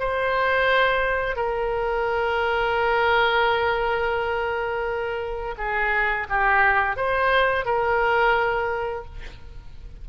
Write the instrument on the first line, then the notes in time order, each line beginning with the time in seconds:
oboe
0.00 C5
1.36 A#4
5.58 G#4
6.30 G4
6.96 C5
7.66 A#4